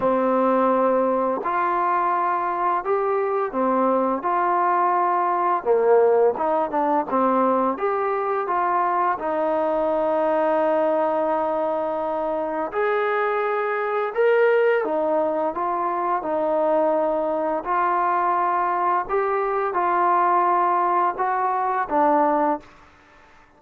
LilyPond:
\new Staff \with { instrumentName = "trombone" } { \time 4/4 \tempo 4 = 85 c'2 f'2 | g'4 c'4 f'2 | ais4 dis'8 d'8 c'4 g'4 | f'4 dis'2.~ |
dis'2 gis'2 | ais'4 dis'4 f'4 dis'4~ | dis'4 f'2 g'4 | f'2 fis'4 d'4 | }